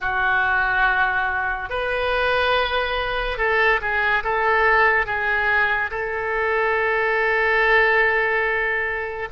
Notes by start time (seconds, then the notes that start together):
0.00 F#4
1.69 B4
3.37 A4
3.81 G#4
4.23 A4
5.06 G#4
5.90 A4